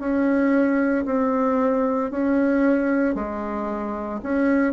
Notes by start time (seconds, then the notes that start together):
0.00 C#4
1.06 C4
2.11 C#4
3.15 G#3
4.23 C#4